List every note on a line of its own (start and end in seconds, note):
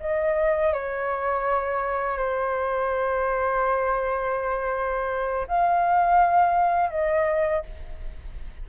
0.00 0.73 D#5
0.73 2.17 C#5
2.17 5.46 C5
5.47 6.89 F5
6.89 7.63 D#5